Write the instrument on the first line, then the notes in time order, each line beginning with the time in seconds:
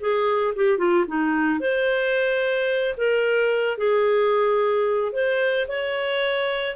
clarinet
0.00 G#4
0.56 G4
0.78 F4
1.07 D#4
1.60 C5
2.97 A#4
3.77 G#4
5.13 C5
5.68 C#5